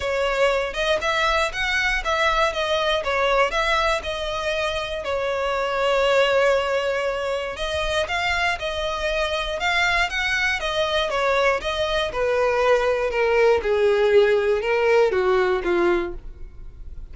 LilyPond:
\new Staff \with { instrumentName = "violin" } { \time 4/4 \tempo 4 = 119 cis''4. dis''8 e''4 fis''4 | e''4 dis''4 cis''4 e''4 | dis''2 cis''2~ | cis''2. dis''4 |
f''4 dis''2 f''4 | fis''4 dis''4 cis''4 dis''4 | b'2 ais'4 gis'4~ | gis'4 ais'4 fis'4 f'4 | }